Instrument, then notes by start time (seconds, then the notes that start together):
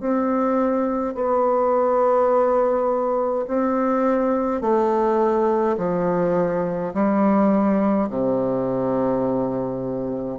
bassoon
0.00 C4
1.15 B3
3.47 C4
4.61 A3
5.77 F3
6.94 G3
8.09 C3